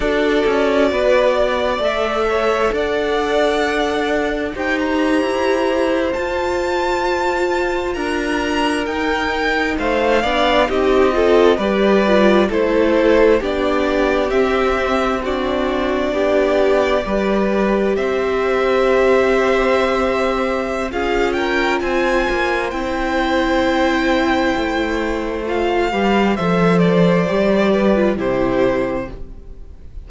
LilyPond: <<
  \new Staff \with { instrumentName = "violin" } { \time 4/4 \tempo 4 = 66 d''2 e''4 fis''4~ | fis''4 g''16 ais''4. a''4~ a''16~ | a''8. ais''4 g''4 f''4 dis''16~ | dis''8. d''4 c''4 d''4 e''16~ |
e''8. d''2. e''16~ | e''2. f''8 g''8 | gis''4 g''2. | f''4 e''8 d''4. c''4 | }
  \new Staff \with { instrumentName = "violin" } { \time 4/4 a'4 b'8 d''4 cis''8 d''4~ | d''4 c''2.~ | c''8. ais'2 c''8 d''8 g'16~ | g'16 a'8 b'4 a'4 g'4~ g'16~ |
g'8. fis'4 g'4 b'4 c''16~ | c''2. gis'8 ais'8 | c''1~ | c''8 b'8 c''4. b'8 g'4 | }
  \new Staff \with { instrumentName = "viola" } { \time 4/4 fis'2 a'2~ | a'4 g'4.~ g'16 f'4~ f'16~ | f'4.~ f'16 dis'4. d'8 dis'16~ | dis'16 f'8 g'8 f'8 e'4 d'4 c'16~ |
c'8. d'2 g'4~ g'16~ | g'2. f'4~ | f'4 e'2. | f'8 g'8 a'4 g'8. f'16 e'4 | }
  \new Staff \with { instrumentName = "cello" } { \time 4/4 d'8 cis'8 b4 a4 d'4~ | d'4 dis'8. e'4 f'4~ f'16~ | f'8. d'4 dis'4 a8 b8 c'16~ | c'8. g4 a4 b4 c'16~ |
c'4.~ c'16 b4 g4 c'16~ | c'2. cis'4 | c'8 ais8 c'2 a4~ | a8 g8 f4 g4 c4 | }
>>